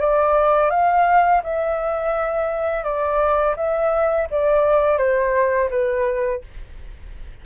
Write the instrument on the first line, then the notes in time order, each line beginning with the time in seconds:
flute
0.00 D5
0.70 F5
1.43 E5
2.83 D5
3.56 E5
4.30 D5
4.98 C5
5.70 B4